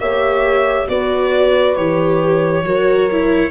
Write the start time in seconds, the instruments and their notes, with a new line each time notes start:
0.00 tuba A#3, viola G4, horn C#5, violin E5
0.88 tuba B3, viola F#4, horn B4, violin D5
1.76 tuba E3, viola G4, violin C#5
2.63 tuba F#3, viola F#4, horn A#4
3.12 viola E4